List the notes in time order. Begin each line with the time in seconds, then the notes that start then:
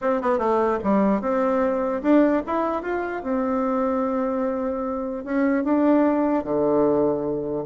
0.01 C4
0.21 B3
0.38 A3
0.83 G3
1.21 C4
2.02 D4
2.46 E4
2.82 F4
3.23 C4
5.24 C#4
5.63 D4
6.43 D3